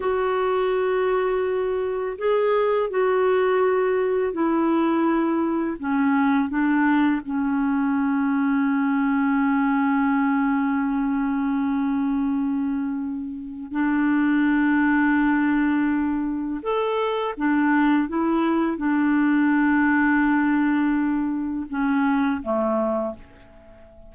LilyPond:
\new Staff \with { instrumentName = "clarinet" } { \time 4/4 \tempo 4 = 83 fis'2. gis'4 | fis'2 e'2 | cis'4 d'4 cis'2~ | cis'1~ |
cis'2. d'4~ | d'2. a'4 | d'4 e'4 d'2~ | d'2 cis'4 a4 | }